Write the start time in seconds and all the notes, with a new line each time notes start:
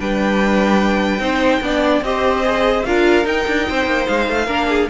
0.00 G3 D4 B4 G5
1.19 C4 D#4 C5
1.61 B3 D4 D5
2.02 C4 G4 C5 D#5
2.44 G#4
2.85 D4 F4 A#4 F5
3.24 D#4 G5
3.47 D4
3.68 C4 C5
3.86 A#3
4.07 G#3 F5
4.29 A3
4.46 A#3 D4 A#4
4.69 G#4